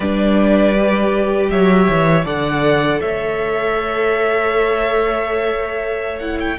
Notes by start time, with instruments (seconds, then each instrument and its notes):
0.00 cello G3, viola D4, violin B4 D5
0.74 viola G4
1.50 cello F#3, violin C#5 E5
1.89 cello E3
2.24 cello D3, viola A4, violin D5 F#5
3.01 cello A3, violin C#5 E5
6.18 viola E4, violin F#5
6.40 violin G5